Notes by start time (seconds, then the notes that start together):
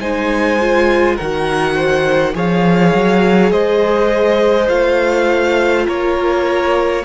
0.00 G#3 D#4 C5 G#5
0.61 F4
1.16 D#3 F#4 A#4 F#5
1.75 C5
2.33 F3 G#4 C#5 F5
2.94 F#3
3.51 G#3 C5 D#5
4.69 A3 F4 F5
5.86 A#3 A#4 C#5